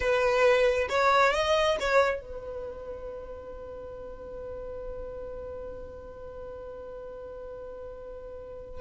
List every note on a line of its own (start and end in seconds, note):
0.00 0.88 B4
0.89 1.33 C#5
1.33 1.77 D#5
1.80 2.21 C#5
2.21 8.81 B4